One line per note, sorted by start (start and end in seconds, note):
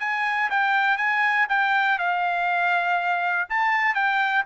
0.00 0.50 G#5
0.51 0.98 G5
0.98 1.48 G#5
1.49 1.99 G5
1.99 3.49 F5
3.50 3.95 A5
3.95 4.45 G5